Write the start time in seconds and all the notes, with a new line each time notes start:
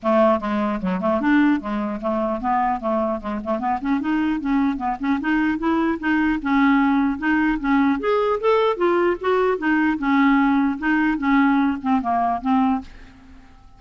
0.03 A3
0.39 G#3
0.81 F#3
1.00 A3
1.20 D4
1.60 G#3
2.01 A3
2.41 B3
2.80 A3
3.20 G#3
3.44 A3
3.59 B3
3.81 C#4
4.00 D#4
4.40 C#4
4.77 B3
4.99 C#4
5.20 D#4
5.58 E4
5.99 D#4
6.42 C#4
7.18 D#4
7.59 C#4
7.99 G#4
8.40 A4
8.77 F4
9.21 F#4
9.58 D#4
9.98 C#4
10.78 D#4
11.18 C#4
11.81 C4
12.01 A#3
12.41 C4